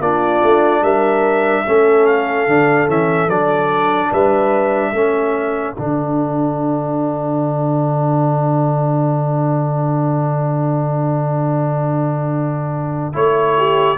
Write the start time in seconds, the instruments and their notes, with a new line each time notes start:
0.00 tuba A#3, trombone D4, horn F4, trumpet D5
0.43 tuba A3
0.82 tuba G3, horn A#4, trumpet E5
1.66 tuba A3, trombone C#4, horn A4
2.07 trumpet F5
2.47 tuba D3, trombone D4
2.88 tuba E3, trombone C#4, trumpet E5
3.28 tuba F#3, trombone D4, trumpet D5
4.11 tuba G3, horn B4, trumpet E5
4.93 tuba A3, trombone C#4, horn A4
5.74 tuba D3, trombone D4, trumpet F#5
13.14 tuba A3, trombone E4, trumpet C#5
13.58 horn G4